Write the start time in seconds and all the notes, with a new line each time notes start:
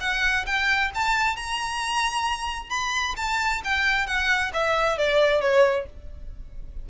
0.00 F#5
0.46 G5
0.94 A5
1.36 A#5
2.70 B5
3.16 A5
3.64 G5
4.06 F#5
4.53 E5
4.98 D5
5.41 C#5